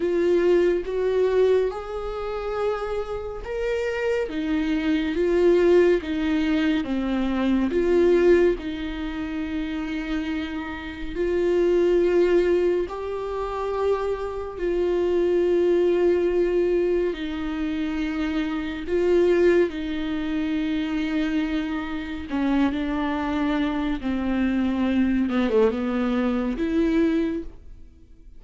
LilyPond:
\new Staff \with { instrumentName = "viola" } { \time 4/4 \tempo 4 = 70 f'4 fis'4 gis'2 | ais'4 dis'4 f'4 dis'4 | c'4 f'4 dis'2~ | dis'4 f'2 g'4~ |
g'4 f'2. | dis'2 f'4 dis'4~ | dis'2 cis'8 d'4. | c'4. b16 a16 b4 e'4 | }